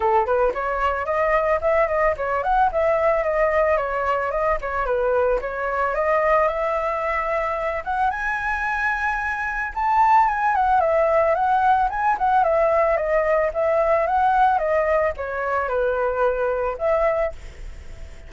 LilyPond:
\new Staff \with { instrumentName = "flute" } { \time 4/4 \tempo 4 = 111 a'8 b'8 cis''4 dis''4 e''8 dis''8 | cis''8 fis''8 e''4 dis''4 cis''4 | dis''8 cis''8 b'4 cis''4 dis''4 | e''2~ e''8 fis''8 gis''4~ |
gis''2 a''4 gis''8 fis''8 | e''4 fis''4 gis''8 fis''8 e''4 | dis''4 e''4 fis''4 dis''4 | cis''4 b'2 e''4 | }